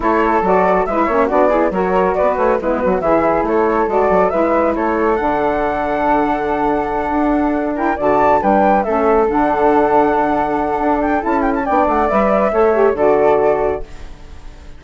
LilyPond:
<<
  \new Staff \with { instrumentName = "flute" } { \time 4/4 \tempo 4 = 139 cis''4 d''4 e''4 d''4 | cis''4 d''8 cis''8 b'4 e''4 | cis''4 d''4 e''4 cis''4 | fis''1~ |
fis''2 g''8 a''4 g''8~ | g''8 e''4 fis''2~ fis''8~ | fis''4. g''8 a''8 g''16 a''16 g''8 fis''8 | e''2 d''2 | }
  \new Staff \with { instrumentName = "flute" } { \time 4/4 a'2 b'8 cis''8 fis'8 gis'8 | ais'4 b'4 e'8 fis'8 gis'4 | a'2 b'4 a'4~ | a'1~ |
a'2 ais'8 d''4 b'8~ | b'8 a'2.~ a'8~ | a'2. d''4~ | d''4 cis''4 a'2 | }
  \new Staff \with { instrumentName = "saxophone" } { \time 4/4 e'4 fis'4 e'8 cis'8 d'8 e'8 | fis'2 b4 e'4~ | e'4 fis'4 e'2 | d'1~ |
d'2 e'8 fis'4 d'8~ | d'8 cis'4 d'2~ d'8~ | d'2 e'4 d'4 | b'4 a'8 g'8 fis'2 | }
  \new Staff \with { instrumentName = "bassoon" } { \time 4/4 a4 fis4 gis8 ais8 b4 | fis4 b8 a8 gis8 fis8 e4 | a4 gis8 fis8 gis4 a4 | d1~ |
d8 d'2 d4 g8~ | g8 a4 d2~ d8~ | d4 d'4 cis'4 b8 a8 | g4 a4 d2 | }
>>